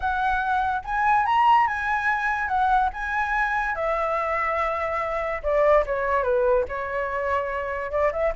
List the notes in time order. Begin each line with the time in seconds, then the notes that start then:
0.00 F#5
0.84 G#5
1.25 A#5
1.67 G#5
2.48 F#5
2.93 G#5
3.75 E5
5.42 D5
5.86 C#5
6.23 B4
6.68 C#5
7.91 D5
8.12 E5